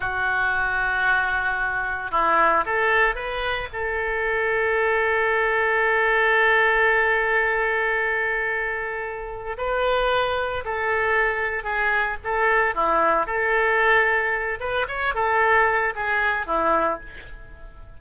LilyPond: \new Staff \with { instrumentName = "oboe" } { \time 4/4 \tempo 4 = 113 fis'1 | e'4 a'4 b'4 a'4~ | a'1~ | a'1~ |
a'2 b'2 | a'2 gis'4 a'4 | e'4 a'2~ a'8 b'8 | cis''8 a'4. gis'4 e'4 | }